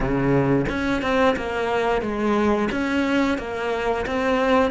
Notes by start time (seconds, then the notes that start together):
0.00 C#3
0.68 C#4
1.01 C4
1.36 A#3
2.01 G#3
2.71 C#4
3.38 A#3
4.06 C4